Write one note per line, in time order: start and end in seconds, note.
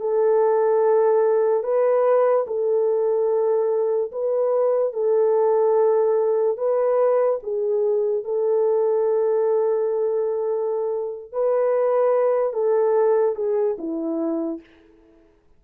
0.00 1.63 A4
1.63 2.45 B4
2.47 4.11 A4
4.12 4.93 B4
4.93 6.57 A4
6.57 7.39 B4
7.43 8.24 G#4
8.24 11.32 A4
11.32 12.53 B4
12.53 13.35 A4
13.35 13.76 G#4
13.78 14.60 E4